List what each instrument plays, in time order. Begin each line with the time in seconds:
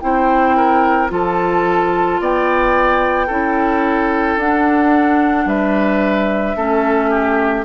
0.00 bassoon C4, clarinet E4, oboe C5, flute G5
0.56 oboe A#4
1.08 bassoon F3, clarinet F4, oboe A4, flute A5
2.19 bassoon B3, oboe D5, flute G5
3.26 bassoon C#4, clarinet E4, oboe A4
4.36 bassoon D4, clarinet D4, flute F#5
5.45 bassoon G3, oboe B4, flute E5
6.55 bassoon A3, clarinet C#4, oboe A4
7.09 oboe G4